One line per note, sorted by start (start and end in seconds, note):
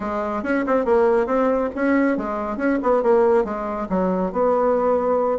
0.00 0.43 G#3
0.43 0.64 C#4
0.66 0.85 C4
0.85 1.26 A#3
1.26 1.69 C4
1.75 2.17 C#4
2.17 2.57 G#3
2.57 2.78 C#4
2.82 3.02 B3
3.02 3.44 A#3
3.44 3.87 G#3
3.89 4.32 F#3
4.32 5.38 B3